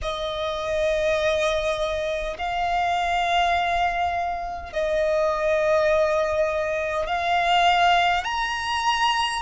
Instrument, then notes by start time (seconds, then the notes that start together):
violin
0.02 D#5
2.38 F5
4.72 D#5
7.06 F5
8.24 A#5